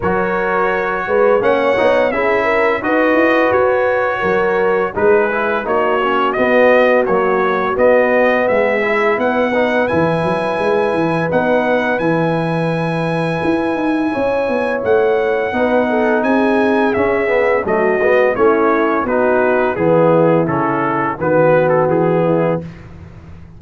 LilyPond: <<
  \new Staff \with { instrumentName = "trumpet" } { \time 4/4 \tempo 4 = 85 cis''2 fis''4 e''4 | dis''4 cis''2 b'4 | cis''4 dis''4 cis''4 dis''4 | e''4 fis''4 gis''2 |
fis''4 gis''2.~ | gis''4 fis''2 gis''4 | e''4 dis''4 cis''4 b'4 | gis'4 a'4 b'8. a'16 gis'4 | }
  \new Staff \with { instrumentName = "horn" } { \time 4/4 ais'4. b'8 cis''4 gis'8 ais'8 | b'2 ais'4 gis'4 | fis'1 | gis'4 b'2.~ |
b'1 | cis''2 b'8 a'8 gis'4~ | gis'4 fis'4 e'4 fis'4 | e'2 fis'4. e'8 | }
  \new Staff \with { instrumentName = "trombone" } { \time 4/4 fis'2 cis'8 dis'8 e'4 | fis'2. dis'8 e'8 | dis'8 cis'8 b4 fis4 b4~ | b8 e'4 dis'8 e'2 |
dis'4 e'2.~ | e'2 dis'2 | cis'8 b8 a8 b8 cis'4 dis'4 | b4 cis'4 b2 | }
  \new Staff \with { instrumentName = "tuba" } { \time 4/4 fis4. gis8 ais8 b8 cis'4 | dis'8 e'8 fis'4 fis4 gis4 | ais4 b4 ais4 b4 | gis4 b4 e8 fis8 gis8 e8 |
b4 e2 e'8 dis'8 | cis'8 b8 a4 b4 c'4 | cis'4 fis8 gis8 a4 b4 | e4 cis4 dis4 e4 | }
>>